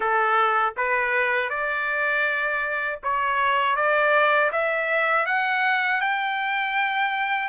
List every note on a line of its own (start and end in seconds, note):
0.00 0.73 A4
0.77 1.49 B4
1.49 2.99 D5
3.03 3.75 C#5
3.75 4.50 D5
4.51 5.26 E5
5.26 6.00 F#5
6.00 7.48 G5